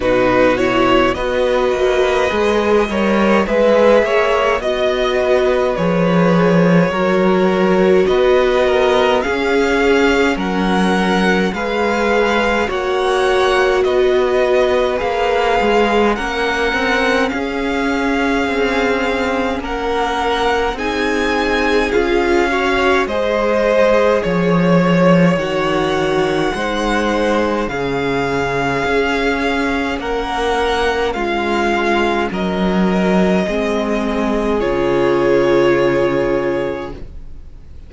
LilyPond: <<
  \new Staff \with { instrumentName = "violin" } { \time 4/4 \tempo 4 = 52 b'8 cis''8 dis''2 e''4 | dis''4 cis''2 dis''4 | f''4 fis''4 f''4 fis''4 | dis''4 f''4 fis''4 f''4~ |
f''4 fis''4 gis''4 f''4 | dis''4 cis''4 fis''2 | f''2 fis''4 f''4 | dis''2 cis''2 | }
  \new Staff \with { instrumentName = "violin" } { \time 4/4 fis'4 b'4. cis''8 b'8 cis''8 | dis''8 b'4. ais'4 b'8 ais'8 | gis'4 ais'4 b'4 cis''4 | b'2 ais'4 gis'4~ |
gis'4 ais'4 gis'4. cis''8 | c''4 cis''2 c''4 | gis'2 ais'4 f'4 | ais'4 gis'2. | }
  \new Staff \with { instrumentName = "viola" } { \time 4/4 dis'8 e'8 fis'4 gis'8 ais'8 gis'4 | fis'4 gis'4 fis'2 | cis'2 gis'4 fis'4~ | fis'4 gis'4 cis'2~ |
cis'2 dis'4 f'8 fis'8 | gis'2 fis'4 dis'4 | cis'1~ | cis'4 c'4 f'2 | }
  \new Staff \with { instrumentName = "cello" } { \time 4/4 b,4 b8 ais8 gis8 g8 gis8 ais8 | b4 f4 fis4 b4 | cis'4 fis4 gis4 ais4 | b4 ais8 gis8 ais8 c'8 cis'4 |
c'4 ais4 c'4 cis'4 | gis4 f4 dis4 gis4 | cis4 cis'4 ais4 gis4 | fis4 gis4 cis2 | }
>>